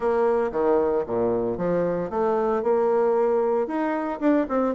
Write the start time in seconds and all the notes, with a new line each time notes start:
0.00 A#3
0.51 D#3
1.06 A#2
1.57 F3
2.10 A3
2.62 A#3
3.67 D#4
4.20 D4
4.49 C4